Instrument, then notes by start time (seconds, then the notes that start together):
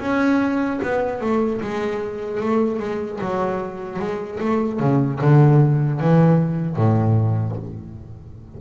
double bass
0.00 C#4
0.83 B3
1.21 A3
1.61 G#3
2.40 A3
2.80 G#3
3.21 F#3
3.99 G#3
4.40 A3
4.80 C#3
5.21 D3
6.00 E3
6.76 A2